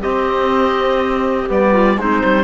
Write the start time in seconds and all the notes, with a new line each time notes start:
0.00 C4 G4 D#5
1.47 G3 B3 D5
1.72 F4
1.98 G#3 C4 D#4 C5
2.24 G3